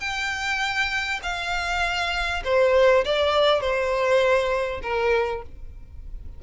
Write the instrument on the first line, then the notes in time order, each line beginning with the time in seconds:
violin
0.00 G5
1.23 F5
2.44 C5
3.05 D5
3.61 C5
4.82 A#4